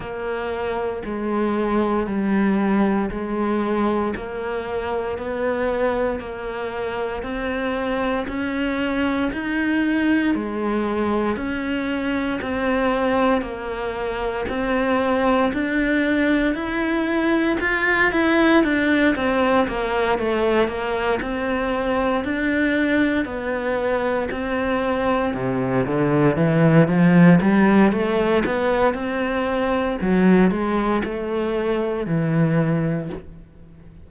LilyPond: \new Staff \with { instrumentName = "cello" } { \time 4/4 \tempo 4 = 58 ais4 gis4 g4 gis4 | ais4 b4 ais4 c'4 | cis'4 dis'4 gis4 cis'4 | c'4 ais4 c'4 d'4 |
e'4 f'8 e'8 d'8 c'8 ais8 a8 | ais8 c'4 d'4 b4 c'8~ | c'8 c8 d8 e8 f8 g8 a8 b8 | c'4 fis8 gis8 a4 e4 | }